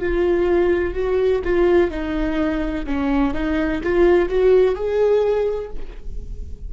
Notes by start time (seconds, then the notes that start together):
0.00 F4
0.94 F#4
1.44 F4
1.90 D#4
2.86 C#4
3.34 D#4
3.83 F4
4.29 F#4
4.75 G#4